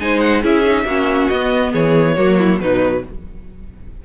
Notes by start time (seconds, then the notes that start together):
0.00 G#3 D#4 C5 G#5
0.20 F#5
0.43 C#4 E4 G#4 E5
0.65 D#4
0.85 A#3 C#4 F#4
1.29 B3 D#5
1.72 E3 G#4 C#5
2.16 F#3 A#3 F#4
2.38 E4
2.60 B2 F#3 D#4 B4